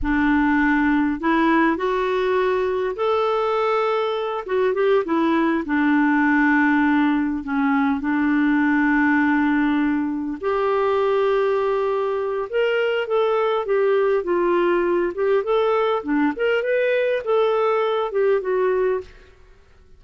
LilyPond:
\new Staff \with { instrumentName = "clarinet" } { \time 4/4 \tempo 4 = 101 d'2 e'4 fis'4~ | fis'4 a'2~ a'8 fis'8 | g'8 e'4 d'2~ d'8~ | d'8 cis'4 d'2~ d'8~ |
d'4. g'2~ g'8~ | g'4 ais'4 a'4 g'4 | f'4. g'8 a'4 d'8 ais'8 | b'4 a'4. g'8 fis'4 | }